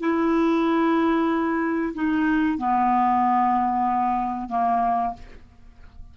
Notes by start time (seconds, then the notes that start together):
0.00 E4
1.94 D#4
2.58 B3
4.49 A#3